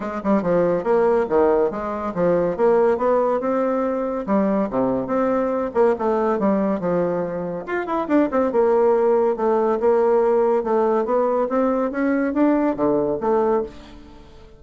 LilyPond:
\new Staff \with { instrumentName = "bassoon" } { \time 4/4 \tempo 4 = 141 gis8 g8 f4 ais4 dis4 | gis4 f4 ais4 b4 | c'2 g4 c4 | c'4. ais8 a4 g4 |
f2 f'8 e'8 d'8 c'8 | ais2 a4 ais4~ | ais4 a4 b4 c'4 | cis'4 d'4 d4 a4 | }